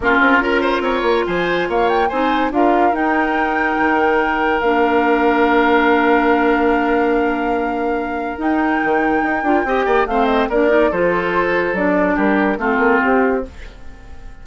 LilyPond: <<
  \new Staff \with { instrumentName = "flute" } { \time 4/4 \tempo 4 = 143 ais'2. gis''4 | f''8 g''8 gis''4 f''4 g''4~ | g''2. f''4~ | f''1~ |
f''1 | g''1 | f''8 dis''8 d''4 c''2 | d''4 ais'4 a'4 g'4 | }
  \new Staff \with { instrumentName = "oboe" } { \time 4/4 f'4 ais'8 c''8 cis''4 c''4 | cis''4 c''4 ais'2~ | ais'1~ | ais'1~ |
ais'1~ | ais'2. dis''8 d''8 | c''4 ais'4 a'2~ | a'4 g'4 f'2 | }
  \new Staff \with { instrumentName = "clarinet" } { \time 4/4 cis'4 f'2.~ | f'4 dis'4 f'4 dis'4~ | dis'2. d'4~ | d'1~ |
d'1 | dis'2~ dis'8 f'8 g'4 | c'4 d'8 dis'8 f'2 | d'2 c'2 | }
  \new Staff \with { instrumentName = "bassoon" } { \time 4/4 ais8 c'8 cis'4 c'8 ais8 f4 | ais4 c'4 d'4 dis'4~ | dis'4 dis2 ais4~ | ais1~ |
ais1 | dis'4 dis4 dis'8 d'8 c'8 ais8 | a4 ais4 f2 | fis4 g4 a8 ais8 c'4 | }
>>